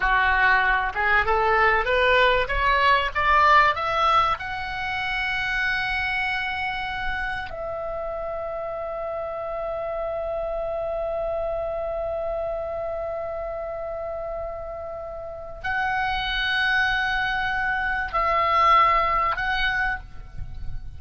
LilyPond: \new Staff \with { instrumentName = "oboe" } { \time 4/4 \tempo 4 = 96 fis'4. gis'8 a'4 b'4 | cis''4 d''4 e''4 fis''4~ | fis''1 | e''1~ |
e''1~ | e''1~ | e''4 fis''2.~ | fis''4 e''2 fis''4 | }